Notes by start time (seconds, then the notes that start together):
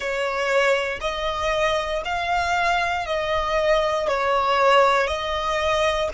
0.00 C#5
1.00 D#5
2.04 F5
3.06 D#5
4.08 C#5
5.07 D#5